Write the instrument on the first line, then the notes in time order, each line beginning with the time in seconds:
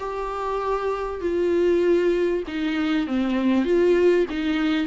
viola
0.00 G4
1.22 F4
2.48 D#4
3.08 C4
3.65 F4
4.31 D#4